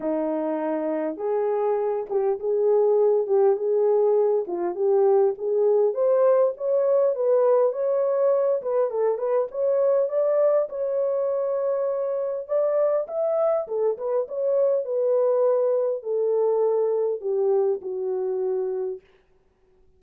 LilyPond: \new Staff \with { instrumentName = "horn" } { \time 4/4 \tempo 4 = 101 dis'2 gis'4. g'8 | gis'4. g'8 gis'4. f'8 | g'4 gis'4 c''4 cis''4 | b'4 cis''4. b'8 a'8 b'8 |
cis''4 d''4 cis''2~ | cis''4 d''4 e''4 a'8 b'8 | cis''4 b'2 a'4~ | a'4 g'4 fis'2 | }